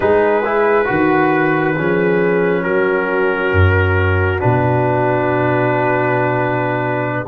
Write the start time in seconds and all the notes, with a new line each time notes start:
0.00 G#3 D#4 G#4 B4
0.44 E4
0.85 D#3 F#4
1.76 F3 C#4 G#4
2.63 F#3 F#4 A#4
3.52 F#2
4.39 B2 D4 B4